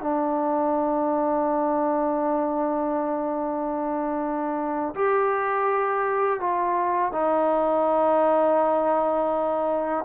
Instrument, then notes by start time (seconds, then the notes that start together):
trombone
0.00 D4
4.94 G4
6.40 F4
7.11 D#4